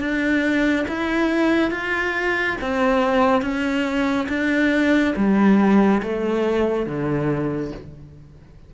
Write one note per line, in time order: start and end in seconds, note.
0.00 0.86 D4
0.88 1.71 E4
1.71 2.56 F4
2.61 3.42 C4
3.42 4.27 C#4
4.29 5.14 D4
5.16 6.02 G3
6.03 6.86 A3
6.86 7.72 D3